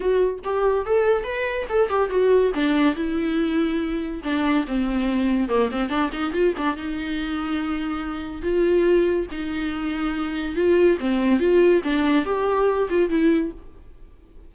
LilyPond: \new Staff \with { instrumentName = "viola" } { \time 4/4 \tempo 4 = 142 fis'4 g'4 a'4 b'4 | a'8 g'8 fis'4 d'4 e'4~ | e'2 d'4 c'4~ | c'4 ais8 c'8 d'8 dis'8 f'8 d'8 |
dis'1 | f'2 dis'2~ | dis'4 f'4 c'4 f'4 | d'4 g'4. f'8 e'4 | }